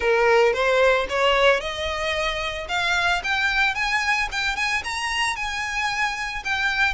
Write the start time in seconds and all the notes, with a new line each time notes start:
0.00 A#4
0.53 C5
1.09 C#5
1.60 D#5
2.68 F5
3.23 G5
3.75 G#5
4.31 G5
4.56 G#5
4.84 A#5
5.36 G#5
6.44 G5